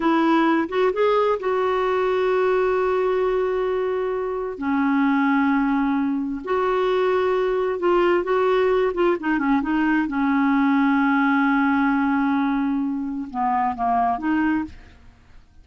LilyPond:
\new Staff \with { instrumentName = "clarinet" } { \time 4/4 \tempo 4 = 131 e'4. fis'8 gis'4 fis'4~ | fis'1~ | fis'2 cis'2~ | cis'2 fis'2~ |
fis'4 f'4 fis'4. f'8 | dis'8 cis'8 dis'4 cis'2~ | cis'1~ | cis'4 b4 ais4 dis'4 | }